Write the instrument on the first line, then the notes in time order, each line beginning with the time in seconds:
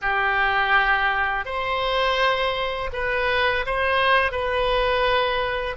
oboe
0.01 G4
1.45 C5
2.92 B4
3.66 C5
4.31 B4